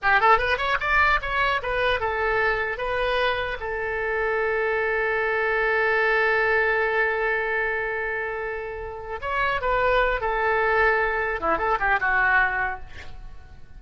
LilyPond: \new Staff \with { instrumentName = "oboe" } { \time 4/4 \tempo 4 = 150 g'8 a'8 b'8 cis''8 d''4 cis''4 | b'4 a'2 b'4~ | b'4 a'2.~ | a'1~ |
a'1~ | a'2. cis''4 | b'4. a'2~ a'8~ | a'8 e'8 a'8 g'8 fis'2 | }